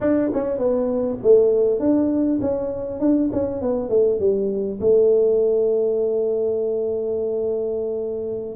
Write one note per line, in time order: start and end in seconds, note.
0.00 0.30 D4
0.33 0.58 C#4
0.58 1.18 B3
1.22 1.79 A3
1.79 2.39 D4
2.41 2.99 C#4
2.99 3.29 D4
3.32 3.61 C#4
3.61 3.89 B3
3.89 4.19 A3
4.19 4.79 G3
4.80 8.55 A3